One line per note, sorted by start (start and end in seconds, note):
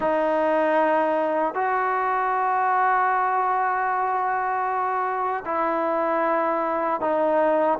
0.00 1.54 D#4
1.54 5.44 F#4
5.45 7.01 E4
7.01 7.79 D#4